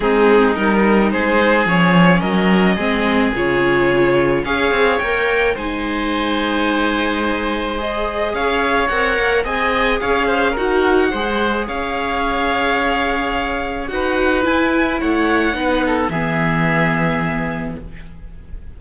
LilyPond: <<
  \new Staff \with { instrumentName = "violin" } { \time 4/4 \tempo 4 = 108 gis'4 ais'4 c''4 cis''4 | dis''2 cis''2 | f''4 g''4 gis''2~ | gis''2 dis''4 f''4 |
fis''4 gis''4 f''4 fis''4~ | fis''4 f''2.~ | f''4 fis''4 gis''4 fis''4~ | fis''4 e''2. | }
  \new Staff \with { instrumentName = "oboe" } { \time 4/4 dis'2 gis'2 | ais'4 gis'2. | cis''2 c''2~ | c''2. cis''4~ |
cis''4 dis''4 cis''8 c''8 ais'4 | c''4 cis''2.~ | cis''4 b'2 cis''4 | b'8 a'8 gis'2. | }
  \new Staff \with { instrumentName = "viola" } { \time 4/4 c'4 dis'2 cis'4~ | cis'4 c'4 f'2 | gis'4 ais'4 dis'2~ | dis'2 gis'2 |
ais'4 gis'2 fis'4 | gis'1~ | gis'4 fis'4 e'2 | dis'4 b2. | }
  \new Staff \with { instrumentName = "cello" } { \time 4/4 gis4 g4 gis4 f4 | fis4 gis4 cis2 | cis'8 c'8 ais4 gis2~ | gis2. cis'4 |
c'8 ais8 c'4 cis'4 dis'4 | gis4 cis'2.~ | cis'4 dis'4 e'4 a4 | b4 e2. | }
>>